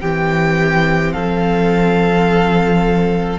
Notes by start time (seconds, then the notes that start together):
0.00 E3 C4 G4 G5
1.12 F3 A4 F5